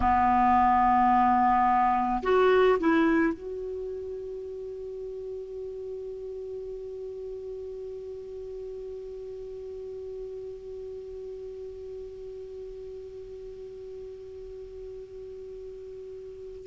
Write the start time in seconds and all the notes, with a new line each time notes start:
0.00 B3
2.22 F#4
2.79 E4
3.33 F#4